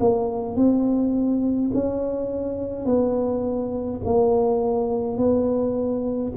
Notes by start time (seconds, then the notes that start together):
0.00 A#3
0.56 C4
1.74 C#4
2.86 B3
4.05 A#3
5.18 B3